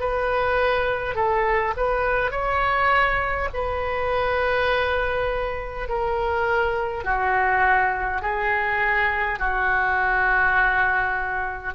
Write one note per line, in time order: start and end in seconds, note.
0.00 1.16 B4
1.16 1.74 A4
1.77 2.31 B4
2.31 3.49 C#5
3.54 5.89 B4
5.89 7.05 A#4
7.05 8.22 F#4
8.22 9.40 G#4
9.40 11.75 F#4